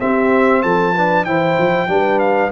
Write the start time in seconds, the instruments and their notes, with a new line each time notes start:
0.00 trombone C4, tuba C4, horn G4, trumpet E5
0.62 tuba F3, horn A4, trumpet A5
0.94 trombone D4, horn B4
1.25 tuba E3, trombone E4, horn C5, trumpet G5
1.59 tuba F3
1.87 tuba G3, trombone D4, horn B4
2.19 trumpet F5